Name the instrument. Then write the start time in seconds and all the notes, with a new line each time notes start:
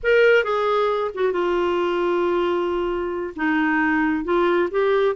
clarinet
0.03 A#4
0.44 G#4
1.14 F#4
1.32 F4
3.36 D#4
4.24 F4
4.70 G4